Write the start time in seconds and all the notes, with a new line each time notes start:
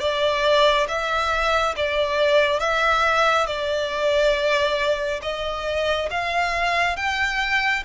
0.00 D5
0.88 E5
1.76 D5
2.59 E5
3.46 D5
5.22 D#5
6.10 F5
6.96 G5